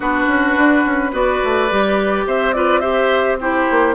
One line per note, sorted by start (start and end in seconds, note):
0.00 0.25 B3
0.00 1.12 D4
0.00 1.11 F#4
0.00 1.13 B4
0.27 0.55 C#4
0.56 0.84 D4
0.85 1.12 C#4
1.12 1.40 B3
1.12 1.68 F#4
1.12 2.25 B4
1.12 2.27 D5
1.44 1.71 A3
1.70 2.25 G3
1.70 2.54 G4
2.25 3.67 C4
2.25 2.55 C5
2.25 2.52 E5
2.52 2.82 F4
2.52 2.80 B4
2.52 2.79 D5
2.79 3.38 G4
2.79 3.37 C5
2.79 3.36 E5
3.40 3.94 E4
3.40 3.94 G4
3.40 3.94 C5
3.70 3.94 A#3